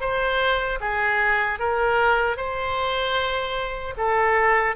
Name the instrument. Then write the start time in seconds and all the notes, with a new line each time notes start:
oboe
0.00 C5
0.80 G#4
1.59 A#4
2.36 C5
3.97 A4